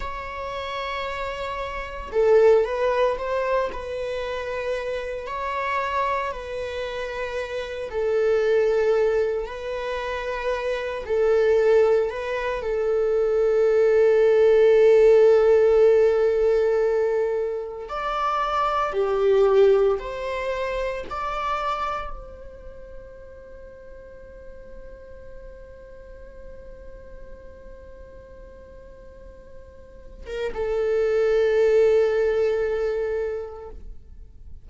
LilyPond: \new Staff \with { instrumentName = "viola" } { \time 4/4 \tempo 4 = 57 cis''2 a'8 b'8 c''8 b'8~ | b'4 cis''4 b'4. a'8~ | a'4 b'4. a'4 b'8 | a'1~ |
a'4 d''4 g'4 c''4 | d''4 c''2.~ | c''1~ | c''8. ais'16 a'2. | }